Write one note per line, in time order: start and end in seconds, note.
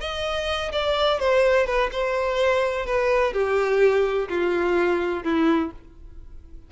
0.00 0.71 D#5
0.72 1.19 D5
1.19 1.66 C5
1.66 1.90 B4
1.92 2.86 C5
2.86 3.33 B4
3.33 4.28 G4
4.29 5.23 F4
5.23 5.71 E4